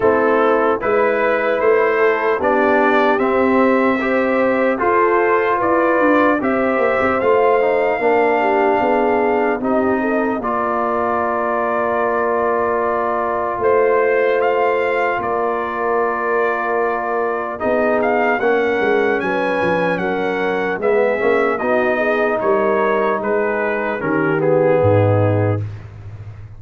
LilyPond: <<
  \new Staff \with { instrumentName = "trumpet" } { \time 4/4 \tempo 4 = 75 a'4 b'4 c''4 d''4 | e''2 c''4 d''4 | e''4 f''2. | dis''4 d''2.~ |
d''4 c''4 f''4 d''4~ | d''2 dis''8 f''8 fis''4 | gis''4 fis''4 e''4 dis''4 | cis''4 b'4 ais'8 gis'4. | }
  \new Staff \with { instrumentName = "horn" } { \time 4/4 e'4 b'4. a'8 g'4~ | g'4 c''4 a'4 b'4 | c''2 ais'8 g'8 gis'4 | g'8 a'8 ais'2.~ |
ais'4 c''2 ais'4~ | ais'2 gis'4 ais'4 | b'4 ais'4 gis'4 fis'8 gis'8 | ais'4 gis'4 g'4 dis'4 | }
  \new Staff \with { instrumentName = "trombone" } { \time 4/4 c'4 e'2 d'4 | c'4 g'4 f'2 | g'4 f'8 dis'8 d'2 | dis'4 f'2.~ |
f'1~ | f'2 dis'4 cis'4~ | cis'2 b8 cis'8 dis'4~ | dis'2 cis'8 b4. | }
  \new Staff \with { instrumentName = "tuba" } { \time 4/4 a4 gis4 a4 b4 | c'2 f'4 e'8 d'8 | c'8 ais16 c'16 a4 ais4 b4 | c'4 ais2.~ |
ais4 a2 ais4~ | ais2 b4 ais8 gis8 | fis8 f8 fis4 gis8 ais8 b4 | g4 gis4 dis4 gis,4 | }
>>